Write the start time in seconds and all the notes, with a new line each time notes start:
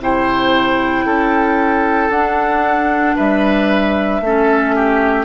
0.00 C3 E4 C5 G5
1.05 C#4 A4
2.09 D4 F#5
3.15 G3 B4 E5
4.20 A3 C#4 A4
4.75 G4